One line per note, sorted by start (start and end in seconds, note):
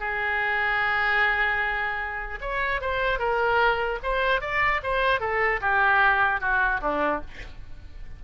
0.00 2.40 G#4
2.42 2.81 C#5
2.81 3.19 C5
3.19 3.99 A#4
4.03 4.41 C5
4.41 4.81 D5
4.83 5.21 C5
5.21 5.61 A4
5.61 6.41 G4
6.41 6.81 F#4
6.81 7.21 D4